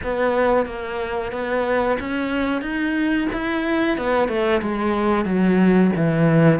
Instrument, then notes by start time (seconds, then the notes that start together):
cello
0.03 B3
0.66 A#3
1.32 B3
1.99 C#4
2.61 D#4
3.32 E4
3.97 B3
4.28 A3
4.61 G#3
5.25 F#3
5.96 E3